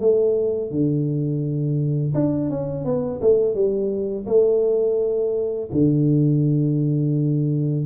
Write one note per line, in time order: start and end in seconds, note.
0.00 0.71 A3
0.71 2.14 D3
2.14 2.50 D4
2.50 2.85 C#4
2.85 3.21 B3
3.21 3.55 A3
3.55 4.26 G3
4.26 5.69 A3
5.72 7.86 D3